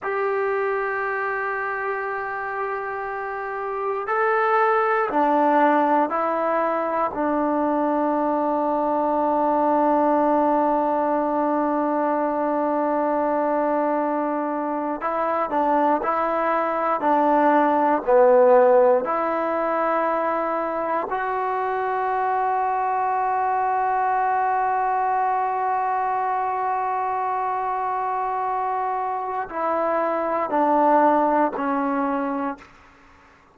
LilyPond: \new Staff \with { instrumentName = "trombone" } { \time 4/4 \tempo 4 = 59 g'1 | a'4 d'4 e'4 d'4~ | d'1~ | d'2~ d'8. e'8 d'8 e'16~ |
e'8. d'4 b4 e'4~ e'16~ | e'8. fis'2.~ fis'16~ | fis'1~ | fis'4 e'4 d'4 cis'4 | }